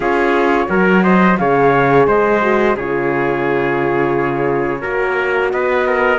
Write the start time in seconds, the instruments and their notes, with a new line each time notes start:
0.00 cello C#4, horn F4, trumpet G#4, flute C#5
0.68 cello F#3, horn F#4, trumpet A#4
1.02 trumpet C5, flute D#5
1.37 cello C#3, horn G#4, trumpet C#5, flute F5
2.07 cello G#3, trumpet C5, flute D#5
2.42 horn F#4
2.76 cello C#3, horn F4, trumpet G#4, flute C#5
4.80 cello A#3, horn F#4, trumpet A#4
5.50 cello B3, trumpet B4, flute D#5
5.86 trumpet A#4